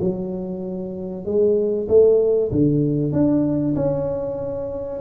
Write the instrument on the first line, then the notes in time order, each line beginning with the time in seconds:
tuba
0.00 F#3
1.25 G#3
1.88 A3
2.51 D3
3.12 D4
3.75 C#4